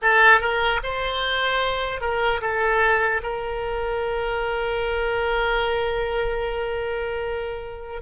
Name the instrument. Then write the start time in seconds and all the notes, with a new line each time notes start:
oboe
0.02 A4
0.40 A#4
0.83 C5
2.00 A#4
2.41 A4
3.22 A#4